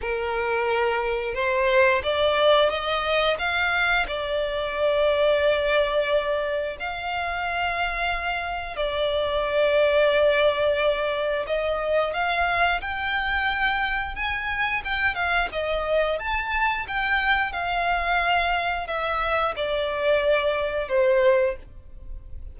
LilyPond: \new Staff \with { instrumentName = "violin" } { \time 4/4 \tempo 4 = 89 ais'2 c''4 d''4 | dis''4 f''4 d''2~ | d''2 f''2~ | f''4 d''2.~ |
d''4 dis''4 f''4 g''4~ | g''4 gis''4 g''8 f''8 dis''4 | a''4 g''4 f''2 | e''4 d''2 c''4 | }